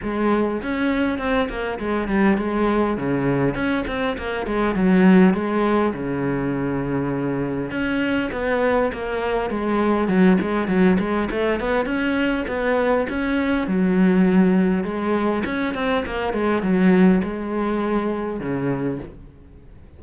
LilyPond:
\new Staff \with { instrumentName = "cello" } { \time 4/4 \tempo 4 = 101 gis4 cis'4 c'8 ais8 gis8 g8 | gis4 cis4 cis'8 c'8 ais8 gis8 | fis4 gis4 cis2~ | cis4 cis'4 b4 ais4 |
gis4 fis8 gis8 fis8 gis8 a8 b8 | cis'4 b4 cis'4 fis4~ | fis4 gis4 cis'8 c'8 ais8 gis8 | fis4 gis2 cis4 | }